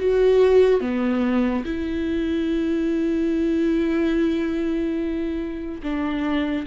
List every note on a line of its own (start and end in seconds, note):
0.00 0.81 F#4
0.81 1.64 B3
1.65 5.82 E4
5.83 6.66 D4